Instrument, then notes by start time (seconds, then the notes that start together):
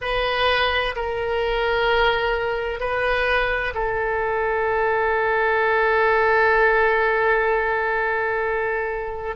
oboe
0.01 B4
0.95 A#4
2.80 B4
3.74 A4